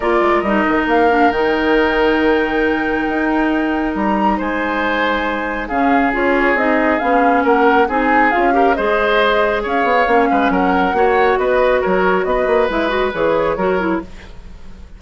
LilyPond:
<<
  \new Staff \with { instrumentName = "flute" } { \time 4/4 \tempo 4 = 137 d''4 dis''4 f''4 g''4~ | g''1~ | g''4 ais''4 gis''2~ | gis''4 f''4 cis''4 dis''4 |
f''4 fis''4 gis''4 f''4 | dis''2 f''2 | fis''2 dis''4 cis''4 | dis''4 e''8 dis''8 cis''2 | }
  \new Staff \with { instrumentName = "oboe" } { \time 4/4 ais'1~ | ais'1~ | ais'2 c''2~ | c''4 gis'2.~ |
gis'4 ais'4 gis'4. ais'8 | c''2 cis''4. b'8 | ais'4 cis''4 b'4 ais'4 | b'2. ais'4 | }
  \new Staff \with { instrumentName = "clarinet" } { \time 4/4 f'4 dis'4. d'8 dis'4~ | dis'1~ | dis'1~ | dis'4 cis'4 f'4 dis'4 |
cis'2 dis'4 f'8 g'8 | gis'2. cis'4~ | cis'4 fis'2.~ | fis'4 e'8 fis'8 gis'4 fis'8 e'8 | }
  \new Staff \with { instrumentName = "bassoon" } { \time 4/4 ais8 gis8 g8 dis8 ais4 dis4~ | dis2. dis'4~ | dis'4 g4 gis2~ | gis4 cis4 cis'4 c'4 |
b4 ais4 c'4 cis'4 | gis2 cis'8 b8 ais8 gis8 | fis4 ais4 b4 fis4 | b8 ais8 gis4 e4 fis4 | }
>>